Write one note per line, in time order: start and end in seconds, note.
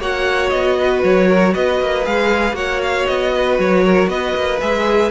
0.00 0.52 A#3
0.00 2.05 F#4
0.00 0.77 C#5
0.00 0.50 F#5
0.50 1.04 B3
0.50 1.01 D#5
0.80 1.28 B4
1.04 1.55 F#3
1.04 1.55 C#5
1.28 1.54 A#4
1.54 1.81 B3
1.54 2.56 B4
1.54 2.06 D#5
1.81 2.07 A#3
2.05 2.53 G#3
2.05 2.54 G#4
2.05 2.56 F5
2.53 3.04 A#3
2.53 4.59 F#4
2.53 3.33 C#5
2.53 2.81 F#5
2.83 3.07 F5
3.07 3.59 B3
3.07 3.58 D#5
3.35 3.85 B4
3.59 4.08 F#3
3.59 4.09 C#5
3.85 4.10 A#4
4.08 4.34 B3
4.08 5.12 B4
4.08 4.60 D#5
4.36 4.62 A#3
4.61 5.12 G#3
4.61 5.12 G#4
4.61 5.12 E5